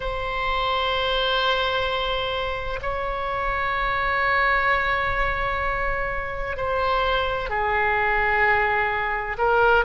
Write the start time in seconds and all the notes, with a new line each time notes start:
0.00 C5
2.82 C#5
6.56 C5
7.49 G#4
9.37 A#4